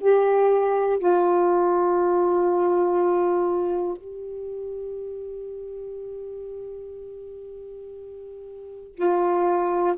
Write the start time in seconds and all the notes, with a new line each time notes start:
0.00 G4
0.99 F4
3.97 G4
8.95 F4